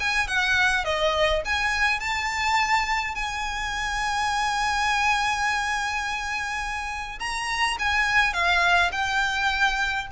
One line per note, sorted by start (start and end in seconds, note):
0.00 0.28 G#5
0.28 0.85 F#5
0.85 1.43 D#5
1.45 2.00 G#5
2.00 3.15 A5
3.15 7.19 G#5
7.20 7.78 A#5
7.79 8.34 G#5
8.34 8.91 F5
8.92 10.08 G5